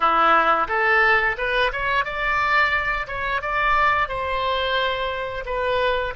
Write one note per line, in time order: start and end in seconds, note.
0.00 0.67 E4
0.68 1.36 A4
1.37 1.71 B4
1.72 2.04 C#5
2.04 3.07 D5
3.07 3.41 C#5
3.41 4.08 D5
4.08 5.44 C5
5.45 6.14 B4